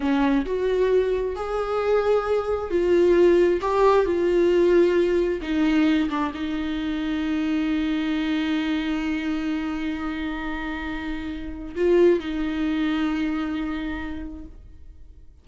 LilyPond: \new Staff \with { instrumentName = "viola" } { \time 4/4 \tempo 4 = 133 cis'4 fis'2 gis'4~ | gis'2 f'2 | g'4 f'2. | dis'4. d'8 dis'2~ |
dis'1~ | dis'1~ | dis'2 f'4 dis'4~ | dis'1 | }